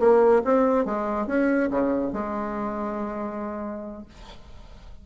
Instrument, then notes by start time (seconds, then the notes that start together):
bassoon
0.00 A#3
0.45 C4
0.86 G#3
1.27 C#4
1.71 C#3
2.13 G#3